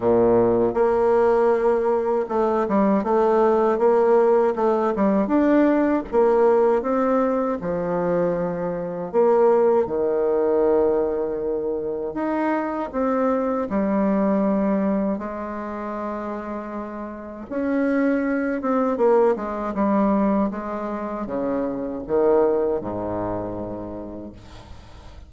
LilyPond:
\new Staff \with { instrumentName = "bassoon" } { \time 4/4 \tempo 4 = 79 ais,4 ais2 a8 g8 | a4 ais4 a8 g8 d'4 | ais4 c'4 f2 | ais4 dis2. |
dis'4 c'4 g2 | gis2. cis'4~ | cis'8 c'8 ais8 gis8 g4 gis4 | cis4 dis4 gis,2 | }